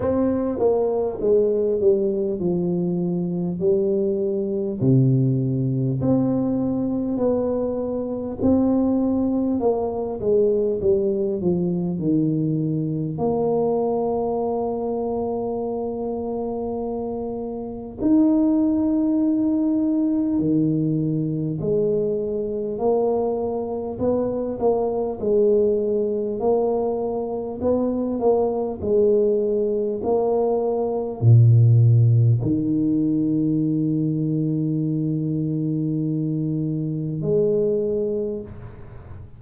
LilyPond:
\new Staff \with { instrumentName = "tuba" } { \time 4/4 \tempo 4 = 50 c'8 ais8 gis8 g8 f4 g4 | c4 c'4 b4 c'4 | ais8 gis8 g8 f8 dis4 ais4~ | ais2. dis'4~ |
dis'4 dis4 gis4 ais4 | b8 ais8 gis4 ais4 b8 ais8 | gis4 ais4 ais,4 dis4~ | dis2. gis4 | }